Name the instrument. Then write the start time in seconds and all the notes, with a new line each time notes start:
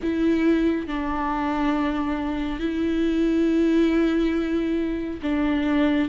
viola
0.02 E4
0.87 D4
2.59 E4
5.22 D4